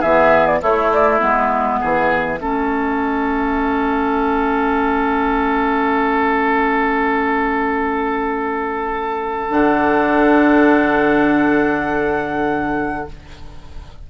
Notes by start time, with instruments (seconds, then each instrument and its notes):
0.00 bassoon E3, clarinet B3, oboe G#4, flute E5
0.47 flute D5
0.61 clarinet A3, bassoon A3, oboe E4, flute C#5
0.94 flute D5
1.20 bassoon G#3, clarinet B3, flute E5
1.80 bassoon E3, oboe G#4
2.40 bassoon A3, clarinet C#4, oboe A4
9.50 bassoon D3, clarinet D4, flute F#5